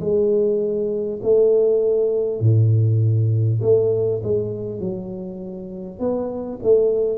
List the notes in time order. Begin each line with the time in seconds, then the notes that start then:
0.00 G#3
1.23 A3
2.41 A2
3.62 A3
4.23 G#3
4.81 F#3
5.99 B3
6.63 A3